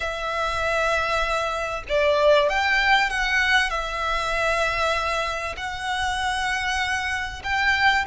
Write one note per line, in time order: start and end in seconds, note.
0.00 1.83 E5
1.88 2.49 D5
2.49 3.10 G5
3.10 3.69 F#5
3.69 5.55 E5
5.56 7.42 F#5
7.43 8.05 G5